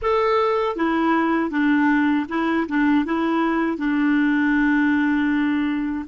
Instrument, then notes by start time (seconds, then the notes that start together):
clarinet
0.01 A4
0.76 E4
1.50 D4
2.29 E4
2.68 D4
3.05 E4
3.77 D4